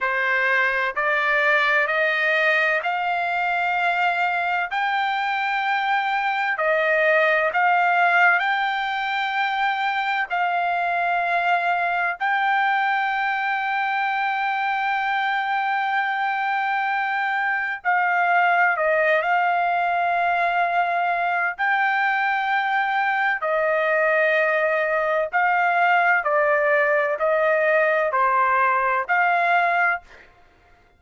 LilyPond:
\new Staff \with { instrumentName = "trumpet" } { \time 4/4 \tempo 4 = 64 c''4 d''4 dis''4 f''4~ | f''4 g''2 dis''4 | f''4 g''2 f''4~ | f''4 g''2.~ |
g''2. f''4 | dis''8 f''2~ f''8 g''4~ | g''4 dis''2 f''4 | d''4 dis''4 c''4 f''4 | }